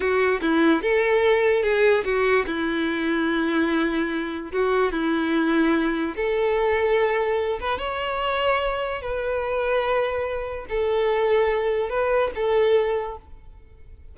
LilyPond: \new Staff \with { instrumentName = "violin" } { \time 4/4 \tempo 4 = 146 fis'4 e'4 a'2 | gis'4 fis'4 e'2~ | e'2. fis'4 | e'2. a'4~ |
a'2~ a'8 b'8 cis''4~ | cis''2 b'2~ | b'2 a'2~ | a'4 b'4 a'2 | }